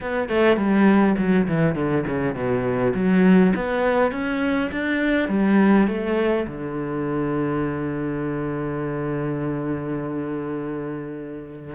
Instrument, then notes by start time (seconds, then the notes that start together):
cello
0.01 B3
0.29 A3
0.56 G3
1.18 F#3
1.47 E3
1.75 D3
2.06 C#3
2.34 B2
2.94 F#3
3.55 B3
4.11 C#4
4.71 D4
5.28 G3
5.87 A3
6.47 D3